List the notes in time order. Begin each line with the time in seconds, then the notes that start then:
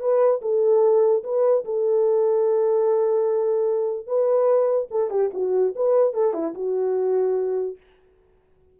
0.00 B4
0.42 A4
1.23 B4
1.65 A4
4.07 B4
4.91 A4
5.10 G4
5.34 F#4
5.76 B4
6.13 A4
6.34 E4
6.54 F#4